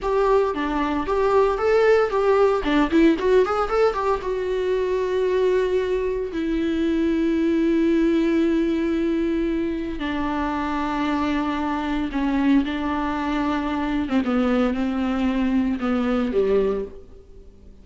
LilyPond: \new Staff \with { instrumentName = "viola" } { \time 4/4 \tempo 4 = 114 g'4 d'4 g'4 a'4 | g'4 d'8 e'8 fis'8 gis'8 a'8 g'8 | fis'1 | e'1~ |
e'2. d'4~ | d'2. cis'4 | d'2~ d'8. c'16 b4 | c'2 b4 g4 | }